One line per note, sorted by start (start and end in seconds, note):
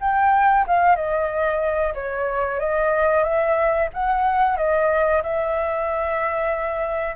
0.00 0.65 G5
0.67 0.95 F5
0.95 1.93 D#5
1.94 2.59 C#5
2.59 3.23 D#5
3.23 3.89 E5
3.93 4.57 F#5
4.57 5.22 D#5
5.23 7.16 E5